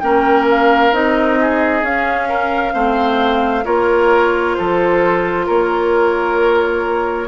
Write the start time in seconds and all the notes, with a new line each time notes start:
0.00 A#3 C#4 A#4 G5
0.50 F5
0.93 C4 D#4 D#5
1.41 G#4
1.83 C#4 F5
2.29 A#4
2.74 A3 C4 C5
3.64 A#3 F4 A#4 C#5
4.55 F3 A4 C5
5.47 A#3 A#4 C#5